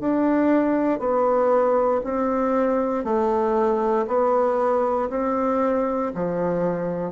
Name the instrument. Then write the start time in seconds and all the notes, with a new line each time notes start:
bassoon
0.00 D4
0.99 B3
2.04 C4
3.04 A3
4.08 B3
5.10 C4
6.15 F3